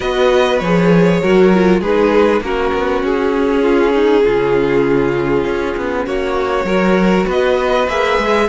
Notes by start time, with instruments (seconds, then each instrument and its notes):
0.00 cello B3, viola F#4, violin B4 D#5
0.58 cello F3, viola G#4, violin C#5
1.22 cello F#3, viola F#4, violin A#4
1.53 viola F4
1.80 cello G#3, viola D#4, violin G#4 B4
2.40 cello A#3, viola C#4, violin F#4 A#4
2.73 cello B3
3.03 cello C#4, violin G#4
3.61 violin F4
3.94 violin D#4
4.24 cello C#3, violin F4
5.44 cello C#4
5.76 cello B3
6.06 cello A#3, violin F#4 C#5
6.64 cello F#3, viola F#4, violin A#4
7.26 cello B3, violin B4 D#5
7.87 cello A#3, viola G#4, violin E5
8.18 cello G#3